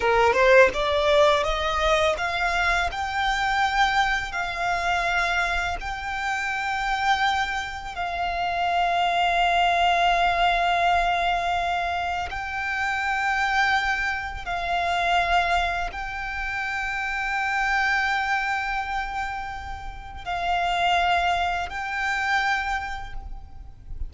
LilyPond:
\new Staff \with { instrumentName = "violin" } { \time 4/4 \tempo 4 = 83 ais'8 c''8 d''4 dis''4 f''4 | g''2 f''2 | g''2. f''4~ | f''1~ |
f''4 g''2. | f''2 g''2~ | g''1 | f''2 g''2 | }